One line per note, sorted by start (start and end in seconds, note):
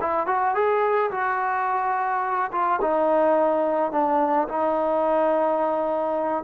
0.00 0.26 E4
0.26 0.54 F#4
0.54 1.10 G#4
1.10 2.51 F#4
2.52 2.80 F4
2.81 3.91 D#4
3.91 4.47 D4
4.48 6.44 D#4